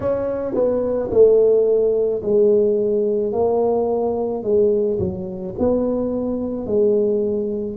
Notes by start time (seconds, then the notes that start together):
0.00 C#4
0.54 B3
1.11 A3
2.22 G#3
3.32 A#3
4.43 G#3
4.99 F#3
5.59 B3
6.66 G#3